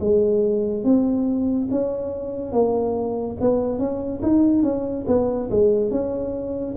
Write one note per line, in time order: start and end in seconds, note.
0.00 0.84 G#3
0.84 1.69 C4
1.71 2.52 C#4
2.52 3.36 A#3
3.40 3.79 B3
3.79 4.21 C#4
4.23 4.63 D#4
4.63 5.05 C#4
5.07 5.50 B3
5.50 5.91 G#3
5.91 6.75 C#4